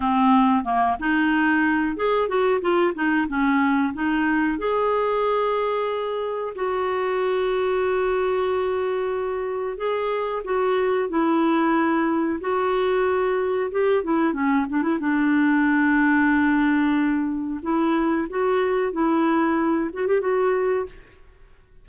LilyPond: \new Staff \with { instrumentName = "clarinet" } { \time 4/4 \tempo 4 = 92 c'4 ais8 dis'4. gis'8 fis'8 | f'8 dis'8 cis'4 dis'4 gis'4~ | gis'2 fis'2~ | fis'2. gis'4 |
fis'4 e'2 fis'4~ | fis'4 g'8 e'8 cis'8 d'16 e'16 d'4~ | d'2. e'4 | fis'4 e'4. fis'16 g'16 fis'4 | }